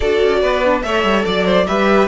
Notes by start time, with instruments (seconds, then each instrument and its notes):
0.00 cello D4, viola F#4, violin A4 D5
0.22 cello C#4
0.41 cello B3, violin B4
0.64 viola D4
0.82 cello A3, viola A4, violin C#5 E5
1.03 cello G3
1.25 cello F#3, violin D5
1.45 violin C5
1.67 cello G3, viola G4, violin B4 E5